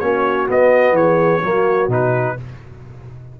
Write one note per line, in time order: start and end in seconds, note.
0.00 0.48 A#3
0.00 0.48 C#4
0.00 0.96 F#4
0.00 0.47 C#5
0.48 1.42 B3
0.48 0.92 B3
0.48 0.96 D#5
0.92 1.39 E3
0.92 1.42 G#4
0.92 1.90 C#5
1.42 1.88 F#3
1.42 1.90 A#3
1.42 2.37 F#4
1.88 2.35 B2
1.88 2.37 D#4
1.88 2.40 B4